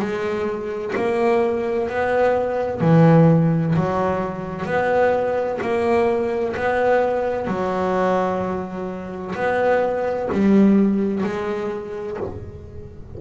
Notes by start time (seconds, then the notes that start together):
0.00 G#3
0.96 A#3
1.90 B3
2.81 E3
3.76 F#3
4.66 B3
5.62 A#3
6.57 B3
7.47 F#3
9.36 B3
10.33 G3
11.24 G#3